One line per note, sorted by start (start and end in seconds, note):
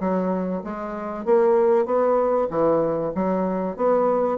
0.00 0.62 F#3
0.64 1.25 G#3
1.25 1.86 A#3
1.86 2.48 B3
2.50 3.12 E3
3.15 3.76 F#3
3.76 4.38 B3